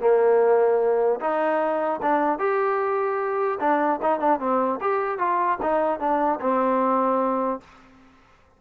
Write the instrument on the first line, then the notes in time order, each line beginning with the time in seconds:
trombone
0.00 A#3
1.20 D#4
2.02 D4
2.39 G4
3.60 D4
4.02 D#4
4.20 D4
4.39 C4
4.81 G4
5.18 F4
5.62 D#4
5.99 D4
6.40 C4